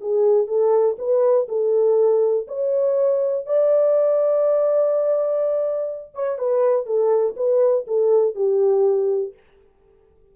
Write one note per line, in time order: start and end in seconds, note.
0.00 0.47 G#4
0.47 0.96 A4
0.98 1.47 B4
1.48 2.46 A4
2.47 3.46 C#5
3.46 6.14 D5
6.14 6.38 C#5
6.38 6.86 B4
6.86 7.35 A4
7.36 7.85 B4
7.87 8.35 A4
8.35 9.33 G4